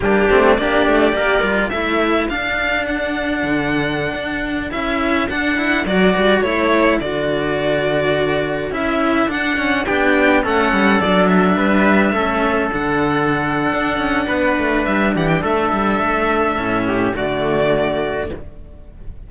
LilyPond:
<<
  \new Staff \with { instrumentName = "violin" } { \time 4/4 \tempo 4 = 105 g'4 d''2 e''4 | f''4 fis''2.~ | fis''16 e''4 fis''4 d''4 cis''8.~ | cis''16 d''2. e''8.~ |
e''16 fis''4 g''4 fis''4 d''8 e''16~ | e''2~ e''16 fis''4.~ fis''16~ | fis''2 e''8 fis''16 g''16 e''4~ | e''2 d''2 | }
  \new Staff \with { instrumentName = "trumpet" } { \time 4/4 d'4 g'4 ais'4 a'4~ | a'1~ | a'1~ | a'1~ |
a'4~ a'16 g'4 a'4.~ a'16~ | a'16 b'4 a'2~ a'8.~ | a'4 b'4. g'8 a'4~ | a'4. g'8 fis'2 | }
  \new Staff \with { instrumentName = "cello" } { \time 4/4 ais8 c'8 d'4 g'8 f'8 e'4 | d'1~ | d'16 e'4 d'8 e'8 fis'4 e'8.~ | e'16 fis'2. e'8.~ |
e'16 d'8 cis'8 d'4 cis'4 d'8.~ | d'4~ d'16 cis'4 d'4.~ d'16~ | d'1~ | d'4 cis'4 a2 | }
  \new Staff \with { instrumentName = "cello" } { \time 4/4 g8 a8 ais8 a8 ais8 g8 a4 | d'2 d4~ d16 d'8.~ | d'16 cis'4 d'4 fis8 g8 a8.~ | a16 d2. cis'8.~ |
cis'16 d'4 b4 a8 g8 fis8.~ | fis16 g4 a4 d4.~ d16 | d'8 cis'8 b8 a8 g8 e8 a8 g8 | a4 a,4 d2 | }
>>